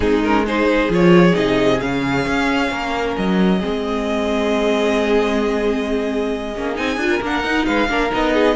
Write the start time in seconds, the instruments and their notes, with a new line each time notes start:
0.00 cello G#3, viola C4, violin D#4 G#4
0.23 viola C#4, violin A#4
0.45 viola D#4, violin G#4 C5
0.88 cello F3, viola F4, violin C#5
1.32 cello C3, viola D#4, violin D#5
1.80 cello C#3, viola C#4, violin F5
2.26 cello C#4
2.71 cello A#3, violin A#4
3.16 cello F#3, violin D#5
3.59 cello G#3, viola C4, violin G#4
6.56 cello A#3, viola C#4
6.75 cello C4, viola D#4, violin G#5
6.96 cello D4, viola F4
7.09 violin A#4
7.21 cello A#3, viola D4, violin F#5
7.43 viola D#4, cello D#4
7.65 cello G#3, violin B4 F5
7.88 cello A#3, viola D4, violin A#4
8.10 cello B3, viola D#4, violin D#5
8.34 violin G#4